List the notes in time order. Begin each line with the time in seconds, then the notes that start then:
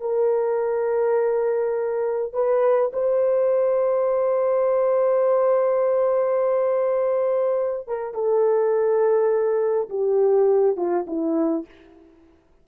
0.00 A#4
2.33 B4
2.93 C5
7.87 A#4
8.14 A4
9.89 G4
10.76 F4
11.07 E4